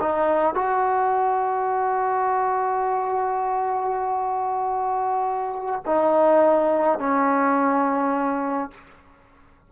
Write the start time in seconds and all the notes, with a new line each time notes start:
0.00 D#4
0.55 F#4
5.86 D#4
6.99 C#4